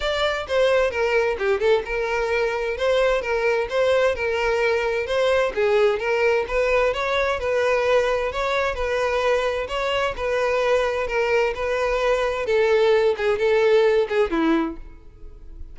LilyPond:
\new Staff \with { instrumentName = "violin" } { \time 4/4 \tempo 4 = 130 d''4 c''4 ais'4 g'8 a'8 | ais'2 c''4 ais'4 | c''4 ais'2 c''4 | gis'4 ais'4 b'4 cis''4 |
b'2 cis''4 b'4~ | b'4 cis''4 b'2 | ais'4 b'2 a'4~ | a'8 gis'8 a'4. gis'8 e'4 | }